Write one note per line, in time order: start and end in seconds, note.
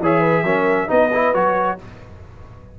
0.00 0.44 E3
0.00 0.46 G#4
0.00 0.21 C#5
0.00 0.90 E5
0.21 0.43 B4
0.44 0.88 F#3
0.44 0.88 C#4
0.44 0.90 A#4
0.88 1.35 B3
0.88 1.10 D#4
0.88 1.79 B4
0.88 1.34 D#5
1.14 1.34 E4
1.34 1.79 F#3
1.34 1.79 F#4
1.34 1.79 C#5